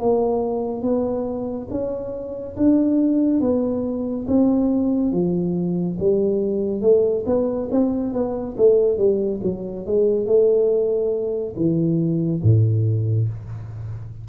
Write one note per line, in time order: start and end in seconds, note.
0.00 0.82 A#3
0.82 1.68 B3
1.71 2.56 C#4
2.57 3.41 D4
3.41 4.26 B3
4.28 5.12 C4
5.12 5.98 F3
6.00 6.81 G3
6.81 7.24 A3
7.26 7.69 B3
7.71 8.14 C4
8.14 8.56 B3
8.57 8.98 A3
8.98 9.41 G3
9.43 9.86 F#3
9.86 10.26 G#3
10.26 11.55 A3
11.56 12.42 E3
12.43 13.29 A2